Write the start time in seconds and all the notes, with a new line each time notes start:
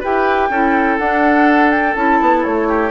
0.00 E4 G4 B4 G5
0.49 C#4 E4 A4
0.98 D4 F#5
1.71 G5
1.95 C#4 E4 A5
2.21 B3
2.44 A3 C#5
2.68 G4